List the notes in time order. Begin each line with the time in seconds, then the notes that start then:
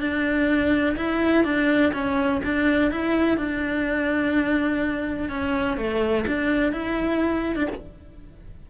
0.00 D4
0.96 E4
1.44 D4
1.93 C#4
2.44 D4
2.91 E4
3.37 D4
5.29 C#4
5.77 A3
6.27 D4
6.72 E4
7.56 D4